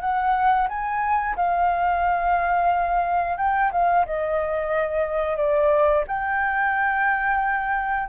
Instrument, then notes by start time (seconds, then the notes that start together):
flute
0.00 F#5
0.68 G#5
1.36 F5
3.37 G5
3.71 F5
4.05 D#5
5.37 D5
6.07 G5